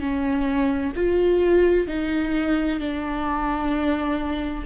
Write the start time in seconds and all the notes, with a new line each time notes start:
0.00 C#4
0.96 F4
1.87 D#4
2.79 D4